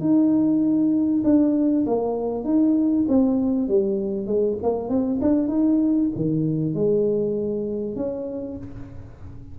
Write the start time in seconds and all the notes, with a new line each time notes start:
0.00 D#4
1.24 D4
1.86 A#3
2.44 D#4
3.08 C4
3.68 G3
4.26 G#3
4.62 A#3
4.89 C4
5.22 D4
5.48 D#4
6.16 D#3
6.74 G#3
7.96 C#4